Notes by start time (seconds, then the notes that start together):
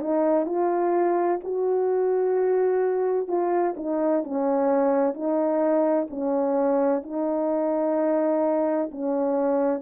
0.00 D#4
0.46 F4
1.44 F#4
3.27 F4
3.76 D#4
4.24 C#4
5.13 D#4
6.10 C#4
7.02 D#4
8.91 C#4